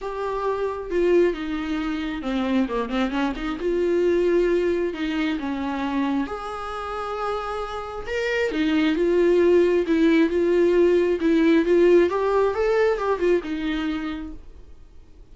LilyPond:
\new Staff \with { instrumentName = "viola" } { \time 4/4 \tempo 4 = 134 g'2 f'4 dis'4~ | dis'4 c'4 ais8 c'8 cis'8 dis'8 | f'2. dis'4 | cis'2 gis'2~ |
gis'2 ais'4 dis'4 | f'2 e'4 f'4~ | f'4 e'4 f'4 g'4 | a'4 g'8 f'8 dis'2 | }